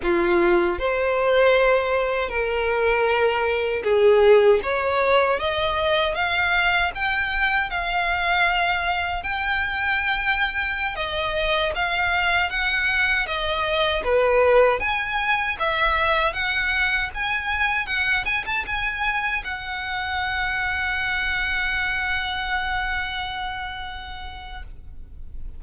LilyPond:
\new Staff \with { instrumentName = "violin" } { \time 4/4 \tempo 4 = 78 f'4 c''2 ais'4~ | ais'4 gis'4 cis''4 dis''4 | f''4 g''4 f''2 | g''2~ g''16 dis''4 f''8.~ |
f''16 fis''4 dis''4 b'4 gis''8.~ | gis''16 e''4 fis''4 gis''4 fis''8 gis''16 | a''16 gis''4 fis''2~ fis''8.~ | fis''1 | }